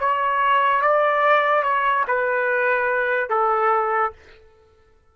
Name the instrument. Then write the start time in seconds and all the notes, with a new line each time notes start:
trumpet
0.00 C#5
0.82 D5
1.63 C#5
2.08 B4
3.30 A4